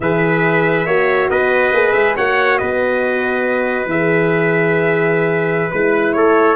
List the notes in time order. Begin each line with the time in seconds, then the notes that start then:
0.00 E3 G#4 B4 E5
0.85 A#3 F#4 C#5
1.30 B3 B4 D#5
1.72 A#3 G#4
1.92 G#3 E5
2.16 A#3 F#4 C#5 F#5
2.58 B3 B4 D#5
3.85 E3 G#4 E5
5.71 G#3 E4 B4
6.13 A3 A4 C#5